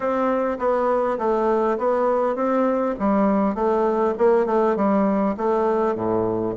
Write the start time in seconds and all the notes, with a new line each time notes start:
0.00 C4
0.58 B3
1.18 A3
1.78 B3
2.35 C4
2.99 G3
3.54 A3
4.17 A#3
4.46 A3
4.76 G3
5.37 A3
5.95 A2